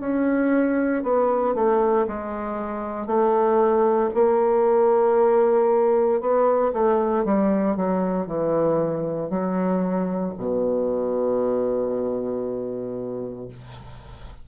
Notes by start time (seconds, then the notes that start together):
0.00 C#4
1.03 B3
1.55 A3
2.07 G#3
3.07 A3
4.14 A#3
6.21 B3
6.73 A3
7.25 G3
7.76 F#3
8.27 E3
9.30 F#3
10.38 B2